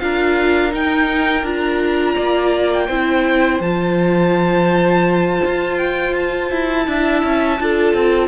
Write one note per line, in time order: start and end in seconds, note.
0.00 0.73 D4
0.00 0.71 F4
0.00 2.15 A#4
0.00 0.72 F5
0.71 1.44 D#4
0.71 1.43 D#4
0.71 1.46 G5
1.43 2.16 D4
1.43 2.90 F4
1.43 2.73 A#5
2.15 2.89 A#3
2.15 2.87 D5
2.73 3.62 G5
2.87 3.61 C4
2.87 3.63 E4
2.87 6.85 C5
3.61 5.41 F3
3.61 6.85 F4
3.61 5.78 A5
5.45 6.52 F4
5.78 6.15 G5
6.16 8.29 A5
6.52 6.87 E4
6.85 7.24 D4
6.85 7.58 E4
6.85 7.62 E5
7.24 7.60 C#4
7.61 7.94 D4
7.61 8.29 F4
7.61 8.29 A4
7.94 8.29 C4